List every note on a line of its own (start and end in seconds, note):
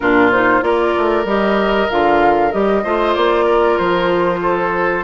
0.00 0.62 A#2
0.00 0.32 D4
0.00 0.64 F4
0.00 0.30 A#4
0.31 0.61 D#4
0.31 0.62 C5
0.61 0.94 A#3
0.61 1.24 F4
0.61 2.83 A#4
0.61 1.26 D5
0.97 1.24 A3
1.24 1.87 G3
1.24 1.89 G4
1.24 1.89 D#5
1.89 2.53 D3
1.89 2.51 F4
1.89 2.51 F5
2.51 2.84 G3
2.51 2.83 G4
2.51 3.14 D#5
2.83 3.15 A3
2.83 5.03 F4
2.83 3.44 C5
3.14 3.79 A#3
3.14 3.77 D5
3.44 4.39 A#4
3.77 5.03 F3
3.77 5.03 C5
4.41 5.03 A4